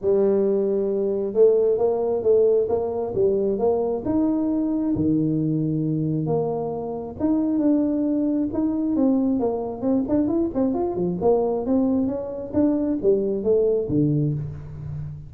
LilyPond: \new Staff \with { instrumentName = "tuba" } { \time 4/4 \tempo 4 = 134 g2. a4 | ais4 a4 ais4 g4 | ais4 dis'2 dis4~ | dis2 ais2 |
dis'4 d'2 dis'4 | c'4 ais4 c'8 d'8 e'8 c'8 | f'8 f8 ais4 c'4 cis'4 | d'4 g4 a4 d4 | }